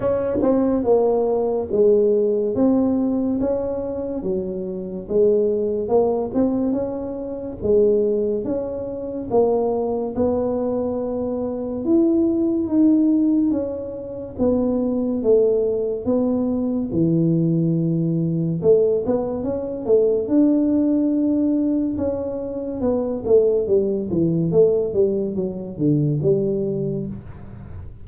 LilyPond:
\new Staff \with { instrumentName = "tuba" } { \time 4/4 \tempo 4 = 71 cis'8 c'8 ais4 gis4 c'4 | cis'4 fis4 gis4 ais8 c'8 | cis'4 gis4 cis'4 ais4 | b2 e'4 dis'4 |
cis'4 b4 a4 b4 | e2 a8 b8 cis'8 a8 | d'2 cis'4 b8 a8 | g8 e8 a8 g8 fis8 d8 g4 | }